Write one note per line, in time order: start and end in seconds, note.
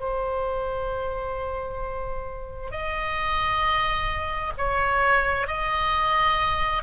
0.00 2.71 C5
2.71 4.53 D#5
4.58 5.48 C#5
5.48 6.83 D#5